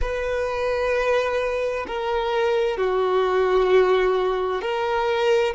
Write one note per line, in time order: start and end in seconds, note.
0.01 1.85 B4
1.87 2.77 A#4
2.77 4.61 F#4
4.61 5.53 A#4